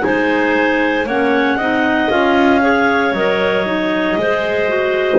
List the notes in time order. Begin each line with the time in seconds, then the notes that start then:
0.00 G#3 D#4 C5 G#5
1.06 A#3 C#4 C#5 F#5
1.57 C4 D#4 D#5
2.10 C#4 F4 F5
2.60 G#4 C#5
3.12 F#3 A#4 D#5
3.66 D#4
4.17 G#3 G#4 C5
4.68 F#4